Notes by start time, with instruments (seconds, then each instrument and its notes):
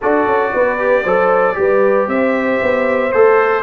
0.01 tuba D4, trombone F#4, horn A4, trumpet D5
0.26 tuba C#4
0.53 tuba B3, horn B4
0.79 trombone G4
1.02 tuba F#3, trombone A4, horn C5
1.53 tuba G3, trombone G4, horn B4
2.07 tuba C4, horn C5, trumpet E5
2.62 tuba B3
3.12 tuba A3, trombone A4, trumpet C5